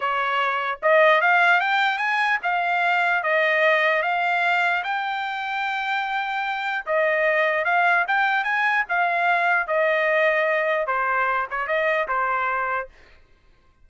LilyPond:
\new Staff \with { instrumentName = "trumpet" } { \time 4/4 \tempo 4 = 149 cis''2 dis''4 f''4 | g''4 gis''4 f''2 | dis''2 f''2 | g''1~ |
g''4 dis''2 f''4 | g''4 gis''4 f''2 | dis''2. c''4~ | c''8 cis''8 dis''4 c''2 | }